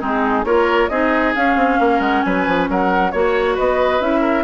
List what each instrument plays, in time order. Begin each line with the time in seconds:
0.00 bassoon G#3, clarinet C4, oboe D#4, flute G#4
0.44 bassoon A#3, clarinet F4, oboe A#4, flute C#5
0.88 bassoon C4, clarinet D#4, oboe G#4, flute D#5
1.35 clarinet C#4, bassoon C#4, flute F5
1.56 bassoon C4
1.79 bassoon A#3, oboe A#4
1.99 bassoon G#3, flute F#5
2.22 bassoon F#3, oboe B4, flute G#5
2.47 bassoon F3
2.68 bassoon F#3, oboe A#4, flute F#5
3.11 bassoon A#3, clarinet F#4, flute C#5, oboe C#5
3.55 bassoon B3, oboe B4, flute D#5
4.00 bassoon C#4, clarinet E4, flute E5
4.20 oboe A#4